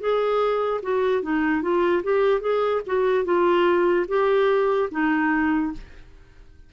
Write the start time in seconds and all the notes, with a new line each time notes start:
0.00 G#4
0.83 F#4
1.22 D#4
1.62 F4
2.03 G4
2.41 G#4
2.86 F#4
3.25 F4
4.08 G4
4.91 D#4